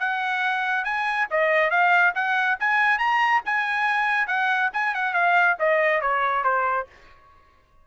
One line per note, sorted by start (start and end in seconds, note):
0.00 0.85 F#5
0.85 1.27 G#5
1.31 1.71 D#5
1.71 2.14 F5
2.15 2.58 F#5
2.60 2.99 G#5
2.99 3.42 A#5
3.45 4.27 G#5
4.27 4.70 F#5
4.73 4.95 G#5
4.95 5.14 F#5
5.14 5.57 F5
5.59 6.02 D#5
6.02 6.44 C#5
6.44 6.87 C5